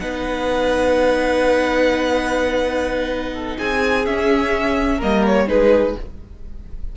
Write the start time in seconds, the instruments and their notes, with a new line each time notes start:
0.00 cello B3, viola D#4, violin B4 F#5
3.34 violin A4
3.58 cello C4, violin G#4 G#5
4.06 viola C#4, cello C#4, violin E5
4.98 cello G3, viola A#3, violin A#4 D#5
5.26 violin C#5
5.48 cello G#3, viola D#4, violin G#4 B4